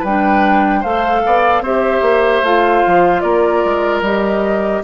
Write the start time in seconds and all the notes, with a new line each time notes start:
0.00 G3 B4 G5
0.07 D4
0.81 A3 A4 C5 F5
1.26 B3 D5
1.61 C4 G4 C5 E5
2.02 A#3
2.43 A3 F4 F5
2.87 F3
3.21 A#3 A#4 D5
3.65 G#3
4.02 G3 G4 D#5